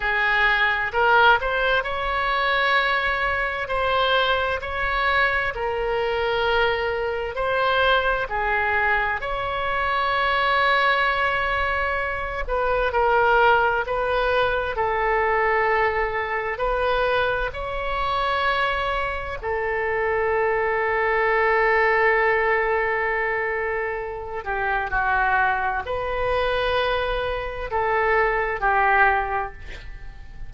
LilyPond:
\new Staff \with { instrumentName = "oboe" } { \time 4/4 \tempo 4 = 65 gis'4 ais'8 c''8 cis''2 | c''4 cis''4 ais'2 | c''4 gis'4 cis''2~ | cis''4. b'8 ais'4 b'4 |
a'2 b'4 cis''4~ | cis''4 a'2.~ | a'2~ a'8 g'8 fis'4 | b'2 a'4 g'4 | }